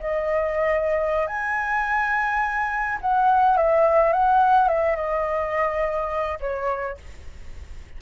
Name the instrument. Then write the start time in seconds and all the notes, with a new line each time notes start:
flute
0.00 D#5
1.28 G#5
3.02 F#5
3.58 E5
4.13 F#5
4.69 E5
4.96 D#5
6.41 C#5